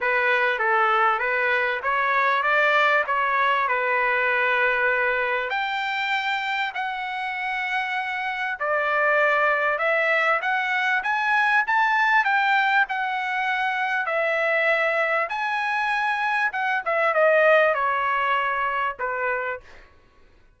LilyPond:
\new Staff \with { instrumentName = "trumpet" } { \time 4/4 \tempo 4 = 98 b'4 a'4 b'4 cis''4 | d''4 cis''4 b'2~ | b'4 g''2 fis''4~ | fis''2 d''2 |
e''4 fis''4 gis''4 a''4 | g''4 fis''2 e''4~ | e''4 gis''2 fis''8 e''8 | dis''4 cis''2 b'4 | }